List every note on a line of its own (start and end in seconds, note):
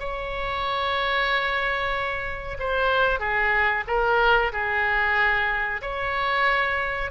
0.00 2.58 C#5
2.60 3.20 C5
3.20 3.84 G#4
3.88 4.52 A#4
4.53 5.82 G#4
5.82 7.11 C#5